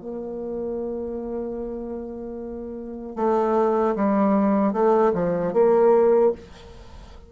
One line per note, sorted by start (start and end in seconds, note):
0.00 3.16 A#3
3.16 3.95 A3
3.95 4.73 G3
4.73 5.12 A3
5.13 5.53 F3
5.53 6.32 A#3